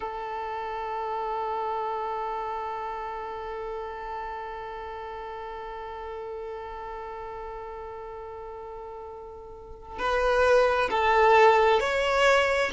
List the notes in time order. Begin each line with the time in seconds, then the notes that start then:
0.00 A4
9.98 B4
10.90 A4
11.79 C#5